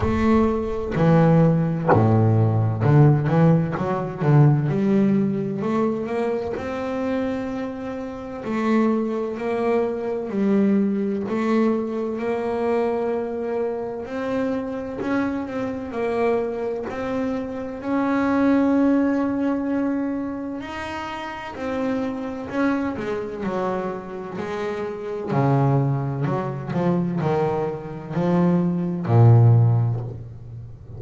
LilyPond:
\new Staff \with { instrumentName = "double bass" } { \time 4/4 \tempo 4 = 64 a4 e4 a,4 d8 e8 | fis8 d8 g4 a8 ais8 c'4~ | c'4 a4 ais4 g4 | a4 ais2 c'4 |
cis'8 c'8 ais4 c'4 cis'4~ | cis'2 dis'4 c'4 | cis'8 gis8 fis4 gis4 cis4 | fis8 f8 dis4 f4 ais,4 | }